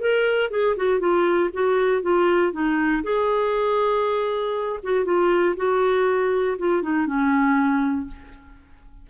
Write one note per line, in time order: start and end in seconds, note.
0.00 0.50 A#4
0.50 0.76 G#4
0.76 0.99 F#4
0.99 1.50 F4
1.53 2.02 F#4
2.02 2.52 F4
2.52 3.03 D#4
3.03 4.80 G#4
4.83 5.05 F#4
5.05 5.55 F4
5.56 6.57 F#4
6.58 6.82 F4
6.82 7.07 D#4
7.07 8.07 C#4